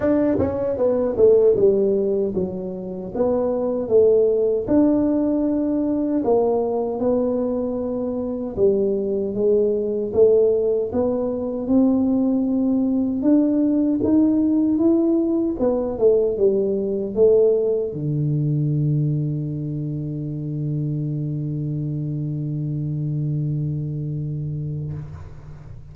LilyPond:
\new Staff \with { instrumentName = "tuba" } { \time 4/4 \tempo 4 = 77 d'8 cis'8 b8 a8 g4 fis4 | b4 a4 d'2 | ais4 b2 g4 | gis4 a4 b4 c'4~ |
c'4 d'4 dis'4 e'4 | b8 a8 g4 a4 d4~ | d1~ | d1 | }